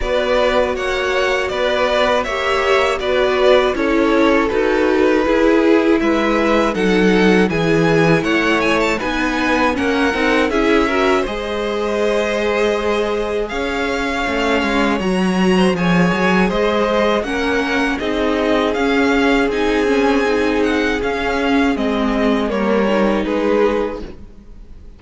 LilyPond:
<<
  \new Staff \with { instrumentName = "violin" } { \time 4/4 \tempo 4 = 80 d''4 fis''4 d''4 e''4 | d''4 cis''4 b'2 | e''4 fis''4 gis''4 fis''8 gis''16 a''16 | gis''4 fis''4 e''4 dis''4~ |
dis''2 f''2 | ais''4 gis''4 dis''4 fis''4 | dis''4 f''4 gis''4. fis''8 | f''4 dis''4 cis''4 b'4 | }
  \new Staff \with { instrumentName = "violin" } { \time 4/4 b'4 cis''4 b'4 cis''4 | b'4 a'2 gis'4 | b'4 a'4 gis'4 cis''4 | b'4 ais'4 gis'8 ais'8 c''4~ |
c''2 cis''2~ | cis''8. c''16 cis''4 c''4 ais'4 | gis'1~ | gis'2 ais'4 gis'4 | }
  \new Staff \with { instrumentName = "viola" } { \time 4/4 fis'2. g'4 | fis'4 e'4 fis'4 e'4~ | e'4 dis'4 e'2 | dis'4 cis'8 dis'8 e'8 fis'8 gis'4~ |
gis'2. cis'4 | fis'4 gis'2 cis'4 | dis'4 cis'4 dis'8 cis'8 dis'4 | cis'4 c'4 ais8 dis'4. | }
  \new Staff \with { instrumentName = "cello" } { \time 4/4 b4 ais4 b4 ais4 | b4 cis'4 dis'4 e'4 | gis4 fis4 e4 a4 | b4 ais8 c'8 cis'4 gis4~ |
gis2 cis'4 a8 gis8 | fis4 f8 fis8 gis4 ais4 | c'4 cis'4 c'2 | cis'4 gis4 g4 gis4 | }
>>